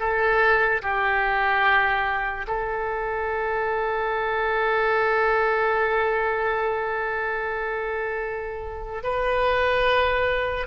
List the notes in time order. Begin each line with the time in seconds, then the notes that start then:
0.00 A4
0.83 G4
2.48 A4
9.04 B4